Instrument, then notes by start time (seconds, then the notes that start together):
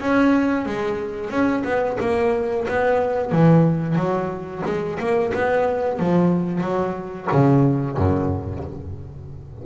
double bass
0.00 C#4
0.66 G#3
1.30 C#4
1.64 B3
2.00 A#3
2.68 B3
3.32 E3
3.96 F#3
4.65 G#3
4.99 A#3
5.34 B3
5.99 F3
6.61 F#3
7.32 C#3
7.97 F#2